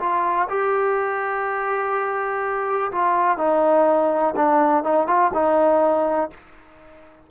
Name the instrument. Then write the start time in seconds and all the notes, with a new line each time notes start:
trombone
0.00 F4
0.49 G4
2.92 F4
3.38 D#4
4.36 D4
4.84 D#4
5.08 F4
5.34 D#4